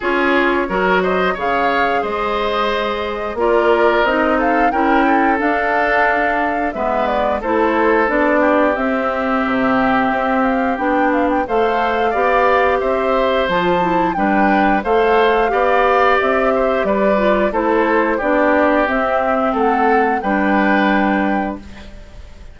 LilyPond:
<<
  \new Staff \with { instrumentName = "flute" } { \time 4/4 \tempo 4 = 89 cis''4. dis''8 f''4 dis''4~ | dis''4 d''4 dis''8 f''8 g''4 | f''2 e''8 d''8 c''4 | d''4 e''2~ e''8 f''8 |
g''8 f''16 g''16 f''2 e''4 | a''4 g''4 f''2 | e''4 d''4 c''4 d''4 | e''4 fis''4 g''2 | }
  \new Staff \with { instrumentName = "oboe" } { \time 4/4 gis'4 ais'8 c''8 cis''4 c''4~ | c''4 ais'4. a'8 ais'8 a'8~ | a'2 b'4 a'4~ | a'8 g'2.~ g'8~ |
g'4 c''4 d''4 c''4~ | c''4 b'4 c''4 d''4~ | d''8 c''8 b'4 a'4 g'4~ | g'4 a'4 b'2 | }
  \new Staff \with { instrumentName = "clarinet" } { \time 4/4 f'4 fis'4 gis'2~ | gis'4 f'4 dis'4 e'4 | d'2 b4 e'4 | d'4 c'2. |
d'4 a'4 g'2 | f'8 e'8 d'4 a'4 g'4~ | g'4. f'8 e'4 d'4 | c'2 d'2 | }
  \new Staff \with { instrumentName = "bassoon" } { \time 4/4 cis'4 fis4 cis4 gis4~ | gis4 ais4 c'4 cis'4 | d'2 gis4 a4 | b4 c'4 c4 c'4 |
b4 a4 b4 c'4 | f4 g4 a4 b4 | c'4 g4 a4 b4 | c'4 a4 g2 | }
>>